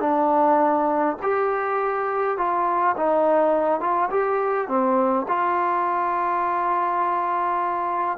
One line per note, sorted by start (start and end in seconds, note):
0.00 1.17 D4
1.22 2.38 G4
2.38 2.96 F4
2.97 3.80 D#4
3.80 4.09 F4
4.10 4.68 G4
4.68 5.26 C4
5.28 8.18 F4